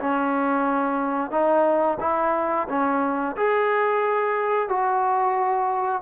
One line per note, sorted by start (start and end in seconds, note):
0.00 1.31 C#4
1.31 1.98 D#4
2.00 2.68 E4
2.69 3.36 C#4
3.36 4.69 G#4
4.69 6.02 F#4